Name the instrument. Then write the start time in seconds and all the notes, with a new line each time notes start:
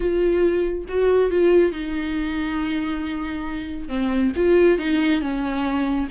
viola
0.00 F4
0.88 F#4
1.30 F4
1.72 D#4
3.88 C4
4.36 F4
4.78 D#4
5.21 C#4